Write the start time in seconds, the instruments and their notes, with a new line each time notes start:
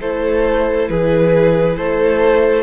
0.00 cello A3, viola E4, violin A4 C5
0.89 cello E3, violin G#4 B4
1.77 cello A3, violin A4 C5